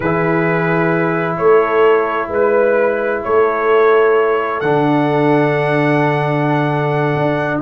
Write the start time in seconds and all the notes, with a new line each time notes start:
0.00 E3 E4 G#4 B4
1.37 A3 A4 C#5
2.29 G#3 B4
3.23 A3 A4 C#5
4.60 D3 D4 F#5
7.15 D4